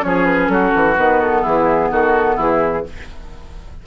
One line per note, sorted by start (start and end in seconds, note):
0.00 0.49 F3
0.00 0.94 C#4
0.00 0.25 C#5
0.06 0.52 G#4
0.25 0.48 B4
0.48 0.72 F#3
0.48 1.41 F#4
0.48 0.95 A4
0.75 0.98 E3
0.96 1.45 D#3
0.96 2.84 B3
0.96 1.21 B4
1.21 1.44 A4
1.41 1.91 E3
1.41 1.88 E4
1.41 1.91 G#4
1.91 2.37 D#3
1.91 2.35 F#4
1.91 2.38 A4
2.35 2.85 E3
2.35 2.82 E4
2.35 2.86 G#4